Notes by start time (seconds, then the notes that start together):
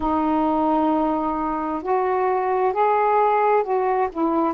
0.00 D#4
1.82 F#4
2.73 G#4
3.63 F#4
4.12 E4